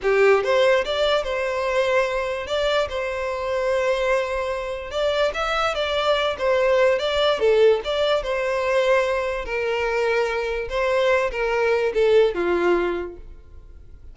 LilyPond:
\new Staff \with { instrumentName = "violin" } { \time 4/4 \tempo 4 = 146 g'4 c''4 d''4 c''4~ | c''2 d''4 c''4~ | c''1 | d''4 e''4 d''4. c''8~ |
c''4 d''4 a'4 d''4 | c''2. ais'4~ | ais'2 c''4. ais'8~ | ais'4 a'4 f'2 | }